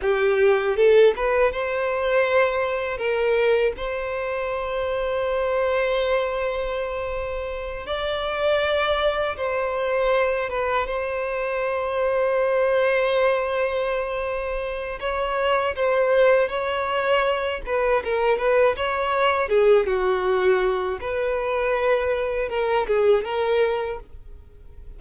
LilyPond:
\new Staff \with { instrumentName = "violin" } { \time 4/4 \tempo 4 = 80 g'4 a'8 b'8 c''2 | ais'4 c''2.~ | c''2~ c''8 d''4.~ | d''8 c''4. b'8 c''4.~ |
c''1 | cis''4 c''4 cis''4. b'8 | ais'8 b'8 cis''4 gis'8 fis'4. | b'2 ais'8 gis'8 ais'4 | }